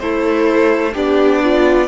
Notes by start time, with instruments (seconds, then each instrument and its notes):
0.00 cello A3, violin E4 C5, viola A4
0.93 cello B3, violin D4 D5, viola G4
1.44 viola F4